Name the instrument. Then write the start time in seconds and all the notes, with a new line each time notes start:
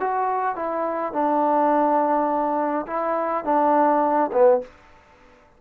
trombone
0.00 F#4
0.56 E4
1.13 D4
2.87 E4
3.45 D4
4.33 B3